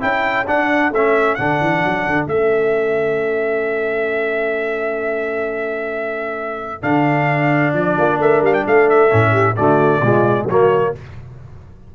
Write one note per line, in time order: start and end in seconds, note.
0.00 0.48 C#4
0.00 0.45 E4
0.00 7.96 A4
0.00 0.47 G5
0.47 0.92 D4
0.47 0.91 D4
0.47 0.93 F#5
0.91 1.36 A3
0.91 1.38 C#4
0.91 1.35 E5
1.35 1.61 D3
1.35 2.28 D4
1.35 2.26 F#5
1.61 1.84 E3
1.85 2.06 F#3
2.06 2.27 D3
2.27 6.82 A3
2.27 6.82 C#4
2.27 6.82 E5
6.82 7.73 D3
6.82 9.09 D4
6.82 7.73 F5
7.73 7.96 F3
7.73 8.20 D5
7.97 8.19 A#3
7.97 8.20 F4
8.19 8.41 A3
8.19 8.66 A#4
8.19 8.44 E5
8.41 8.64 G3
8.41 8.54 F5
8.54 8.65 G5
8.66 9.11 A3
8.66 9.32 A4
8.66 8.89 F5
8.89 9.56 E5
9.10 9.58 A2
9.10 9.55 C#4
9.32 9.55 G4
9.56 10.01 D3
9.56 10.02 A3
9.56 10.03 F#4
9.56 10.47 D5
10.01 10.44 B2
10.01 10.49 G#3
10.01 10.47 F4
10.44 10.90 F#3
10.44 10.95 A#3
10.44 10.92 F#4
10.44 10.95 C#5